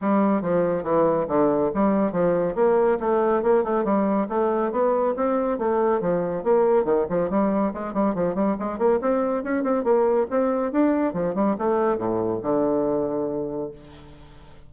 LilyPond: \new Staff \with { instrumentName = "bassoon" } { \time 4/4 \tempo 4 = 140 g4 f4 e4 d4 | g4 f4 ais4 a4 | ais8 a8 g4 a4 b4 | c'4 a4 f4 ais4 |
dis8 f8 g4 gis8 g8 f8 g8 | gis8 ais8 c'4 cis'8 c'8 ais4 | c'4 d'4 f8 g8 a4 | a,4 d2. | }